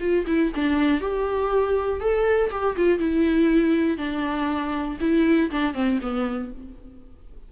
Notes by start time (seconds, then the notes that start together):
0.00 F4
0.27 E4
0.55 D4
1.00 G4
2.00 A4
2.51 G4
2.76 F4
2.98 E4
3.97 D4
5.00 E4
5.50 D4
5.74 C4
6.01 B3